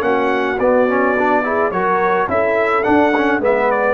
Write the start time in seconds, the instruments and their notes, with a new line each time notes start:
0.00 tuba A#3, trombone C#4, horn F#4, trumpet F#5
0.59 tuba B3, trombone B3, trumpet D5
0.88 trombone C#4
1.18 trombone D4
1.43 trombone E4, horn G#4
1.71 tuba F#3, trombone F#4, horn A#4, trumpet C#5
2.28 tuba C#4, trombone E4, horn A4, trumpet E5
2.83 trombone D4, tuba D4, trumpet F#5
3.16 trombone C#4
3.39 tuba G#3, trombone B3, horn B4, trumpet E5
3.71 trumpet D5